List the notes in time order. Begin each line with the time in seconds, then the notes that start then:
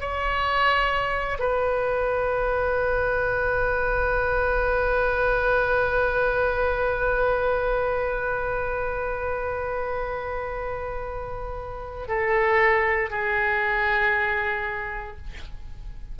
0.00 C#5
1.39 B4
12.08 A4
13.10 G#4